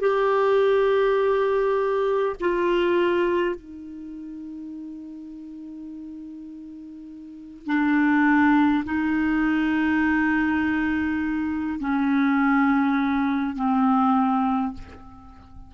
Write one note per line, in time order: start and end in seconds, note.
0.00 2.35 G4
2.40 3.55 F4
3.55 7.66 D#4
7.66 8.83 D4
8.85 11.79 D#4
11.80 13.56 C#4
13.56 14.73 C4